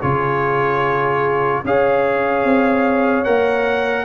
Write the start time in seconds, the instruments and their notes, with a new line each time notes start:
0.00 tuba C#3, trombone F4, horn G#4, trumpet C#5
1.64 tuba C#4, trombone G#4, horn C#5, trumpet F5
2.45 tuba C4
3.24 tuba A#3, trombone A#4, trumpet F#5